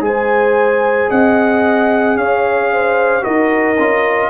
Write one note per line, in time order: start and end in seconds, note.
0.00 1.07 G#3
0.00 3.21 G#4
0.00 1.10 C5
0.00 1.10 G#5
1.10 2.16 C4
1.10 2.17 D#5
1.10 2.17 F#5
2.16 3.23 C#4
2.16 2.71 C#5
2.16 3.24 F5
2.72 3.23 C5
3.21 3.78 D#4
3.21 3.75 F#4
3.21 4.30 A#4
3.21 4.30 D#5
3.78 4.30 C#4
3.78 4.30 F4